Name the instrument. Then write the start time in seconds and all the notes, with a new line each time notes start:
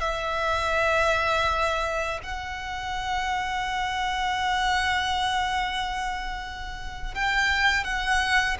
violin
0.00 E5
2.23 F#5
7.14 G5
7.84 F#5